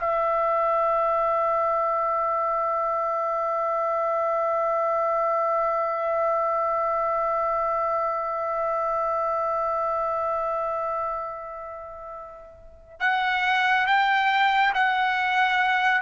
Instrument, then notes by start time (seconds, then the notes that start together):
trumpet
0.00 E5
13.00 F#5
13.87 G5
14.75 F#5